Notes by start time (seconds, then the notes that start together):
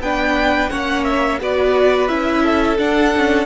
0.00 B3 D4 B4 G5
0.70 A#3 C#4 C#5 F#5
1.04 E5
1.41 B3 F#4 B4 D5
2.08 C#4 E4 E5
2.43 A4
2.78 D4 F#5
3.16 C#4